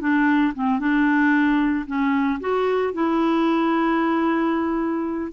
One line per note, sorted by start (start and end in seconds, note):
0.00 0.53 D4
0.54 0.79 C4
0.79 1.85 D4
1.86 2.39 C#4
2.40 2.93 F#4
2.93 5.32 E4